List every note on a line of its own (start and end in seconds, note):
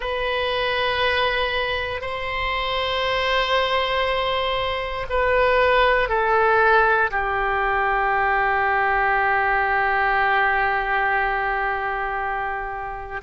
0.00 2.01 B4
2.01 5.06 C5
5.09 6.08 B4
6.08 7.10 A4
7.10 13.21 G4